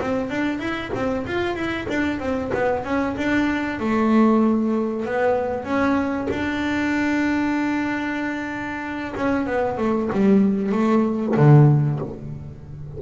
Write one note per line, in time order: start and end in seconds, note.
0.00 0.30 C4
0.30 0.59 D4
0.59 0.90 E4
0.94 1.26 C4
1.26 1.55 F4
1.55 1.87 E4
1.89 2.19 D4
2.19 2.51 C4
2.54 2.84 B3
2.84 3.16 C#4
3.16 3.79 D4
3.79 5.05 A3
5.05 5.64 B3
5.64 6.27 C#4
6.30 9.14 D4
9.16 9.46 C#4
9.46 9.77 B3
9.77 10.09 A3
10.12 10.72 G3
10.72 11.35 A3
11.36 11.99 D3